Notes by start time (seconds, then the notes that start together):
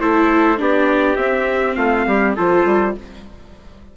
0.00 A3 E4 A4 C5
0.57 B3 D4 G4 D5
1.16 C4 E5
1.75 A3 F4 F5
2.06 G3 G4
2.35 F3 F4 A4 C5
2.65 G3